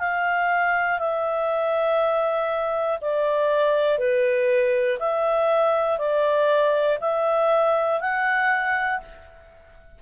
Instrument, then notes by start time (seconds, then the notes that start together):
clarinet
0.00 F5
0.99 E5
3.02 D5
3.99 B4
5.00 E5
5.99 D5
7.01 E5
8.01 F#5